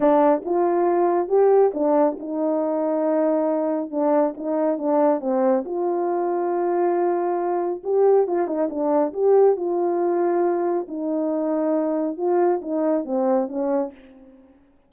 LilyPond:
\new Staff \with { instrumentName = "horn" } { \time 4/4 \tempo 4 = 138 d'4 f'2 g'4 | d'4 dis'2.~ | dis'4 d'4 dis'4 d'4 | c'4 f'2.~ |
f'2 g'4 f'8 dis'8 | d'4 g'4 f'2~ | f'4 dis'2. | f'4 dis'4 c'4 cis'4 | }